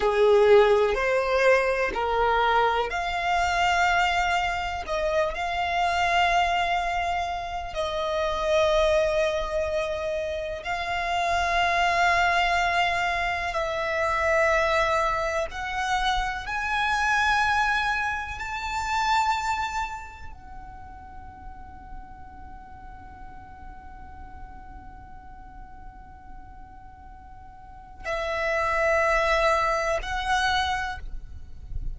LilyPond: \new Staff \with { instrumentName = "violin" } { \time 4/4 \tempo 4 = 62 gis'4 c''4 ais'4 f''4~ | f''4 dis''8 f''2~ f''8 | dis''2. f''4~ | f''2 e''2 |
fis''4 gis''2 a''4~ | a''4 fis''2.~ | fis''1~ | fis''4 e''2 fis''4 | }